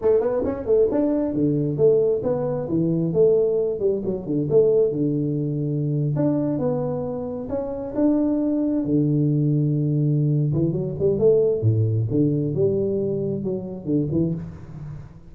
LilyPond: \new Staff \with { instrumentName = "tuba" } { \time 4/4 \tempo 4 = 134 a8 b8 cis'8 a8 d'4 d4 | a4 b4 e4 a4~ | a8 g8 fis8 d8 a4 d4~ | d4.~ d16 d'4 b4~ b16~ |
b8. cis'4 d'2 d16~ | d2.~ d8 e8 | fis8 g8 a4 a,4 d4 | g2 fis4 d8 e8 | }